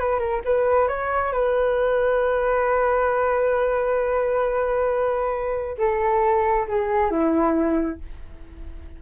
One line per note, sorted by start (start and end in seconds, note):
0.00 0.19 B4
0.19 0.42 A#4
0.45 0.88 B4
0.88 1.33 C#5
1.33 5.77 B4
5.78 6.67 A4
6.68 7.11 G#4
7.11 8.00 E4